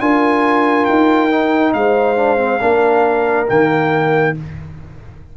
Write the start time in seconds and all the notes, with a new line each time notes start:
0.00 D4 F4 A#4 G#5
0.85 D#4 G5
1.30 D#4
1.73 G#3 C5 F5
2.16 D4
2.37 C4
2.60 A#3 D4 A#4
3.47 D#3 A#3 G5